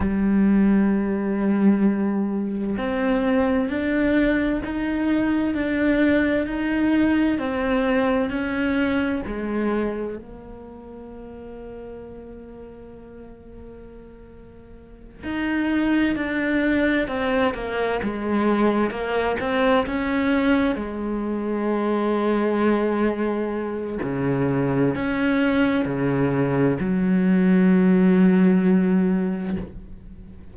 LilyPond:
\new Staff \with { instrumentName = "cello" } { \time 4/4 \tempo 4 = 65 g2. c'4 | d'4 dis'4 d'4 dis'4 | c'4 cis'4 gis4 ais4~ | ais1~ |
ais8 dis'4 d'4 c'8 ais8 gis8~ | gis8 ais8 c'8 cis'4 gis4.~ | gis2 cis4 cis'4 | cis4 fis2. | }